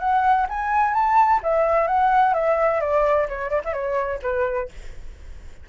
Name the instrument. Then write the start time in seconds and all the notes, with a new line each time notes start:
flute
0.00 F#5
0.49 G#5
0.94 A5
1.44 E5
1.88 F#5
2.34 E5
2.81 D5
3.29 C#5
3.50 D5
3.65 E5
3.73 C#5
4.23 B4